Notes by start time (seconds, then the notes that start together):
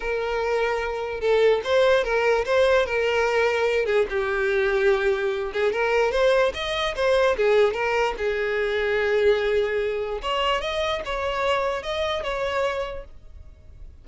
0.00 A#4
1.20 A4
1.64 C5
2.04 A#4
2.45 C5
2.86 A#4
3.85 G#4
4.09 G4
5.53 G#4
5.72 A#4
6.11 C5
6.54 D#5
6.95 C5
7.37 G#4
7.73 A#4
8.17 G#4
10.22 C#5
10.61 D#5
11.05 C#5
11.83 D#5
12.23 C#5